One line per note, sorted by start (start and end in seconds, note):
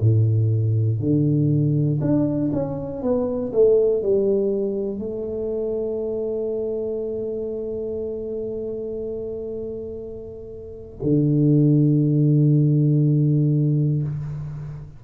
0.00 1.00 A2
1.00 2.00 D3
2.01 2.51 D4
2.52 3.02 C#4
3.02 3.52 B3
3.53 4.02 A3
4.02 4.99 G3
4.99 10.99 A3
11.02 14.02 D3